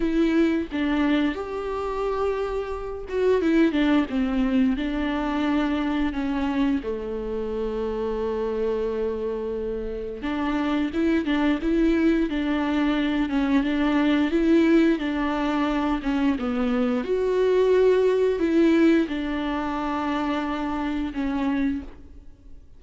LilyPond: \new Staff \with { instrumentName = "viola" } { \time 4/4 \tempo 4 = 88 e'4 d'4 g'2~ | g'8 fis'8 e'8 d'8 c'4 d'4~ | d'4 cis'4 a2~ | a2. d'4 |
e'8 d'8 e'4 d'4. cis'8 | d'4 e'4 d'4. cis'8 | b4 fis'2 e'4 | d'2. cis'4 | }